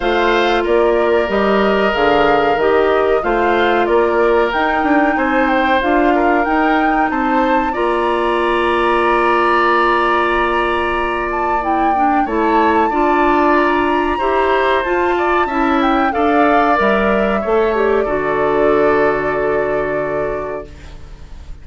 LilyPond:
<<
  \new Staff \with { instrumentName = "flute" } { \time 4/4 \tempo 4 = 93 f''4 d''4 dis''4 f''4 | dis''4 f''4 d''4 g''4 | gis''8 g''8 f''4 g''4 a''4 | ais''1~ |
ais''4. a''8 g''4 a''4~ | a''4 ais''2 a''4~ | a''8 g''8 f''4 e''4. d''8~ | d''1 | }
  \new Staff \with { instrumentName = "oboe" } { \time 4/4 c''4 ais'2.~ | ais'4 c''4 ais'2 | c''4. ais'4. c''4 | d''1~ |
d''2. cis''4 | d''2 c''4. d''8 | e''4 d''2 cis''4 | a'1 | }
  \new Staff \with { instrumentName = "clarinet" } { \time 4/4 f'2 g'4 gis'4 | g'4 f'2 dis'4~ | dis'4 f'4 dis'2 | f'1~ |
f'2 e'8 d'8 e'4 | f'2 g'4 f'4 | e'4 a'4 ais'4 a'8 g'8 | fis'1 | }
  \new Staff \with { instrumentName = "bassoon" } { \time 4/4 a4 ais4 g4 d4 | dis4 a4 ais4 dis'8 d'8 | c'4 d'4 dis'4 c'4 | ais1~ |
ais2. a4 | d'2 e'4 f'4 | cis'4 d'4 g4 a4 | d1 | }
>>